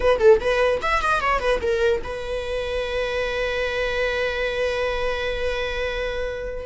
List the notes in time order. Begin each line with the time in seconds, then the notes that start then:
0.00 B4
0.19 A4
0.40 B4
0.81 E5
1.02 D#5
1.20 C#5
1.39 B4
1.61 A#4
2.03 B4